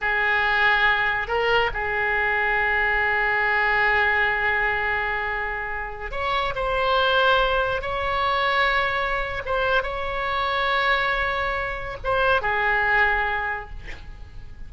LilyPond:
\new Staff \with { instrumentName = "oboe" } { \time 4/4 \tempo 4 = 140 gis'2. ais'4 | gis'1~ | gis'1~ | gis'2~ gis'16 cis''4 c''8.~ |
c''2~ c''16 cis''4.~ cis''16~ | cis''2 c''4 cis''4~ | cis''1 | c''4 gis'2. | }